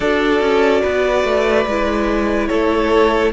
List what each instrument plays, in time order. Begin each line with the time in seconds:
0.00 cello D4, viola F#4, violin A4 D5
0.40 cello C#4
0.82 cello B3, violin B4
1.23 cello A3
1.65 cello G#3, viola E4
2.47 cello A3, violin A4 C#5